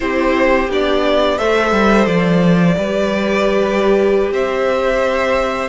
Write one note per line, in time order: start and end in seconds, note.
0.00 0.69 C4
0.00 0.68 E4
0.00 1.37 G4
0.00 0.69 C5
0.69 1.38 B3
0.69 1.38 D4
0.69 1.38 D5
1.37 1.71 A3
1.37 2.76 A4
1.37 2.75 C5
1.37 2.06 E5
1.71 2.06 G3
2.06 2.75 F3
2.06 4.30 D5
2.76 4.31 G3
2.76 5.69 G4
2.76 4.32 B4
4.31 5.69 C4
4.31 5.69 C5
4.31 5.69 E5